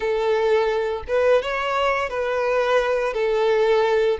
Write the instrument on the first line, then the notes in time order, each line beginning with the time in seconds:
violin
0.00 A4
1.07 B4
1.42 C#5
2.09 B4
3.13 A4